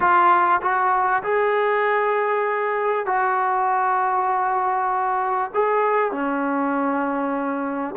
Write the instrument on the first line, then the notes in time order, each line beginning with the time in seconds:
trombone
0.00 F4
0.61 F#4
1.23 G#4
3.06 F#4
5.54 G#4
6.11 C#4